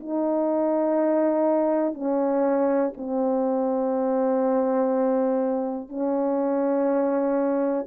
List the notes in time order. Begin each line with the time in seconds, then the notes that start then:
0.00 D#4
1.94 C#4
2.97 C4
5.89 C#4